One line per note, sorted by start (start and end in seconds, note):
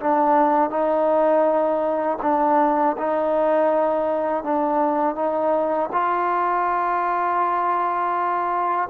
0.00 0.70 D4
0.70 2.18 D#4
2.22 2.96 D4
2.98 4.44 D#4
4.44 5.15 D4
5.15 5.90 D#4
5.92 8.89 F4